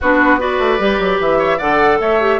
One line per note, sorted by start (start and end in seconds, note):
0.00 0.58 B3
0.00 0.38 D4
0.00 0.40 F#4
0.00 0.41 B4
0.38 0.78 F#4
0.38 1.38 B4
0.38 1.21 D5
0.58 0.78 A3
0.78 0.98 G3
0.78 1.59 G4
0.98 1.18 F#3
1.19 1.59 E3
1.19 1.59 E5
1.38 1.57 C#5
1.57 1.99 D3
1.57 2.20 A4
1.57 1.97 D5
1.57 1.99 F#5
1.99 2.39 A3
1.99 2.39 C#5
1.99 2.39 E5
2.20 2.39 G4